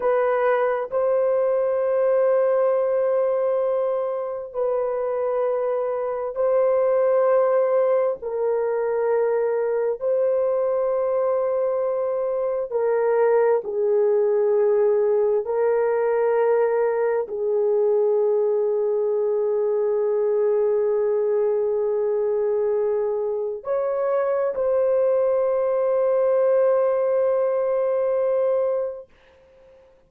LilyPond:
\new Staff \with { instrumentName = "horn" } { \time 4/4 \tempo 4 = 66 b'4 c''2.~ | c''4 b'2 c''4~ | c''4 ais'2 c''4~ | c''2 ais'4 gis'4~ |
gis'4 ais'2 gis'4~ | gis'1~ | gis'2 cis''4 c''4~ | c''1 | }